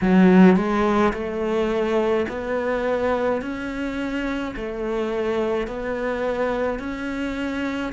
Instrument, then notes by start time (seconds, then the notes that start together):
cello
0.01 F#3
0.56 G#3
1.13 A3
2.28 B3
3.41 C#4
4.55 A3
5.67 B3
6.79 C#4